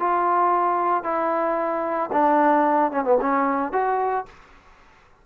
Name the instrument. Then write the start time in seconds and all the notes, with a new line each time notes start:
trombone
0.00 F4
1.04 E4
2.13 D4
2.92 C#4
3.05 B3
3.21 C#4
3.73 F#4